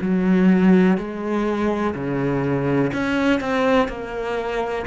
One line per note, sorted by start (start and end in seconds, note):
0.00 0.97 F#3
0.97 1.94 G#3
1.94 2.91 C#3
2.93 3.40 C#4
3.40 3.88 C4
3.88 4.84 A#3